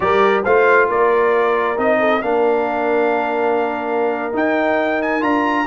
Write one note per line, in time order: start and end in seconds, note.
0.00 0.44 G3
0.00 0.44 G4
0.00 0.42 A#4
0.00 0.43 D5
0.42 0.89 A3
0.42 1.76 F4
0.42 0.87 C5
0.42 0.89 F5
0.88 1.77 A#3
0.88 1.99 A#4
0.88 1.78 D5
1.76 2.21 C4
1.76 2.21 D#4
1.76 2.22 D#5
1.99 2.21 A4
2.21 4.33 A#3
2.21 4.32 D4
2.21 5.66 A#4
2.21 4.33 F5
4.32 5.20 D#4
4.32 5.22 D#4
4.32 5.02 G5
5.02 5.23 G#5
5.20 5.66 D4
5.20 5.64 F4
5.20 5.66 A#5